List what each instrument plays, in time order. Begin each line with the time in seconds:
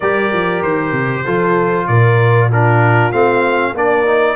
0.00 tuba G3, trombone G4, horn A#4, trumpet D5
0.32 tuba F3
0.62 tuba D#3, trumpet C5
0.91 tuba C3
1.23 tuba F3, trombone F4, horn A4
1.87 tuba A#2, horn A#4, trumpet D5
2.49 trombone D4, horn F4, trumpet A#4
3.12 tuba A3, trombone C4, trumpet F5
3.74 tuba A#3, trombone D4, horn A#4, trumpet D5
4.06 trombone D#4